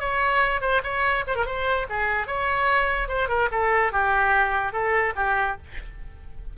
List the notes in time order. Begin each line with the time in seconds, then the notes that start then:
0.00 C#5
0.61 C5
0.83 C#5
1.27 C5
1.36 A#4
1.46 C5
1.90 G#4
2.27 C#5
3.08 C5
3.29 A#4
3.52 A4
3.92 G4
4.73 A4
5.16 G4